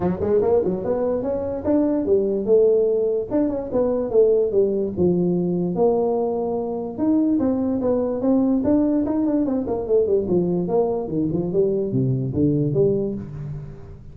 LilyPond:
\new Staff \with { instrumentName = "tuba" } { \time 4/4 \tempo 4 = 146 fis8 gis8 ais8 fis8 b4 cis'4 | d'4 g4 a2 | d'8 cis'8 b4 a4 g4 | f2 ais2~ |
ais4 dis'4 c'4 b4 | c'4 d'4 dis'8 d'8 c'8 ais8 | a8 g8 f4 ais4 dis8 f8 | g4 c4 d4 g4 | }